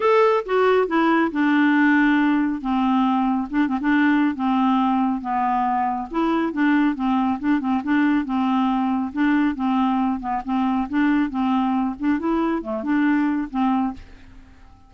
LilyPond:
\new Staff \with { instrumentName = "clarinet" } { \time 4/4 \tempo 4 = 138 a'4 fis'4 e'4 d'4~ | d'2 c'2 | d'8 c'16 d'4~ d'16 c'2 | b2 e'4 d'4 |
c'4 d'8 c'8 d'4 c'4~ | c'4 d'4 c'4. b8 | c'4 d'4 c'4. d'8 | e'4 a8 d'4. c'4 | }